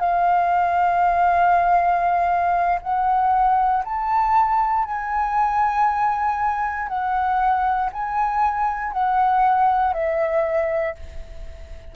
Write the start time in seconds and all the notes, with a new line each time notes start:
0.00 F5
2.82 F#5
3.85 A5
4.85 G#5
6.89 F#5
7.93 G#5
8.93 F#5
9.94 E5